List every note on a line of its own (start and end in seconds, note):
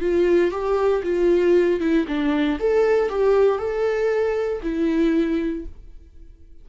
0.00 0.51 F4
0.51 1.02 G4
1.03 1.79 F4
1.79 2.05 E4
2.07 2.59 D4
2.59 3.09 A4
3.09 3.58 G4
3.58 4.61 A4
4.62 5.65 E4